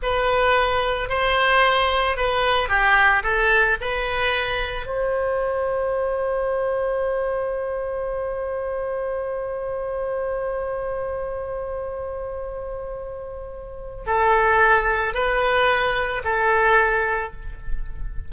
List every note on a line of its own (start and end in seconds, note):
0.02 1.09 B4
1.09 2.16 C5
2.16 2.68 B4
2.68 3.22 G4
3.23 3.77 A4
3.80 4.86 B4
4.86 14.04 C5
14.06 15.14 A4
15.14 16.22 B4
16.24 17.32 A4